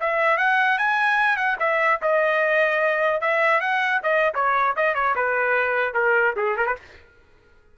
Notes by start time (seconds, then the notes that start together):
0.00 E5
0.37 F#5
0.78 G#5
1.36 F#5
1.59 E5
2.01 D#5
3.21 E5
3.60 F#5
4.03 D#5
4.34 C#5
4.76 D#5
4.94 C#5
5.15 B4
5.94 A#4
6.36 G#4
6.56 A#4
6.66 B4